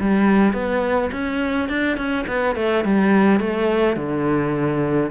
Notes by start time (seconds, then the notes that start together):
0.00 G3
0.53 B3
1.12 C#4
1.69 D4
1.97 C#4
2.28 B3
2.56 A3
2.85 G3
3.40 A3
3.97 D3